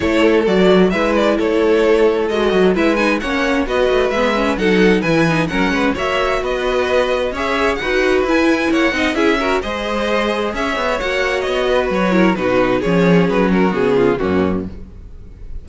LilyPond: <<
  \new Staff \with { instrumentName = "violin" } { \time 4/4 \tempo 4 = 131 cis''4 d''4 e''8 d''8 cis''4~ | cis''4 dis''4 e''8 gis''8 fis''4 | dis''4 e''4 fis''4 gis''4 | fis''4 e''4 dis''2 |
e''4 fis''4 gis''4 fis''4 | e''4 dis''2 e''4 | fis''4 dis''4 cis''4 b'4 | cis''4 b'8 ais'8 gis'4 fis'4 | }
  \new Staff \with { instrumentName = "violin" } { \time 4/4 a'2 b'4 a'4~ | a'2 b'4 cis''4 | b'2 a'4 b'4 | ais'8 b'8 cis''4 b'2 |
cis''4 b'2 cis''8 dis''8 | gis'8 ais'8 c''2 cis''4~ | cis''4. b'4 ais'8 fis'4 | gis'4. fis'4 f'8 cis'4 | }
  \new Staff \with { instrumentName = "viola" } { \time 4/4 e'4 fis'4 e'2~ | e'4 fis'4 e'8 dis'8 cis'4 | fis'4 b8 cis'8 dis'4 e'8 dis'8 | cis'4 fis'2. |
gis'4 fis'4 e'4. dis'8 | e'8 fis'8 gis'2. | fis'2~ fis'8 e'8 dis'4 | cis'2 b4 ais4 | }
  \new Staff \with { instrumentName = "cello" } { \time 4/4 a4 fis4 gis4 a4~ | a4 gis8 fis8 gis4 ais4 | b8 a8 gis4 fis4 e4 | fis8 gis8 ais4 b2 |
cis'4 dis'4 e'4 ais8 c'8 | cis'4 gis2 cis'8 b8 | ais4 b4 fis4 b,4 | f4 fis4 cis4 fis,4 | }
>>